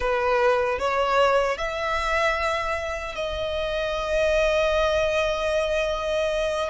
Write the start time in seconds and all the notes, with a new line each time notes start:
0.00 B4
0.79 C#5
1.57 E5
3.15 D#5